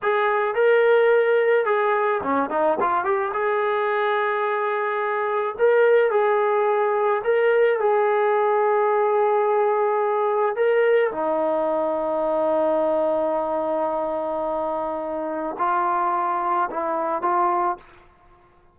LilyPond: \new Staff \with { instrumentName = "trombone" } { \time 4/4 \tempo 4 = 108 gis'4 ais'2 gis'4 | cis'8 dis'8 f'8 g'8 gis'2~ | gis'2 ais'4 gis'4~ | gis'4 ais'4 gis'2~ |
gis'2. ais'4 | dis'1~ | dis'1 | f'2 e'4 f'4 | }